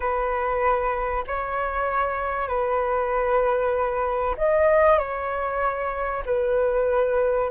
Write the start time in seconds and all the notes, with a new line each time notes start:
0.00 B4
1.27 C#5
2.48 B4
4.37 D#5
4.98 C#5
6.25 B4